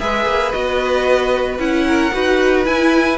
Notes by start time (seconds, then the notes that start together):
0.00 G#3 G#4 B4 E5
0.26 A#3
0.52 B3 F#4 D#5
1.59 C#4 E4 F#5
1.88 A#4
2.13 D#4 F#4 B4
2.65 E4 G#5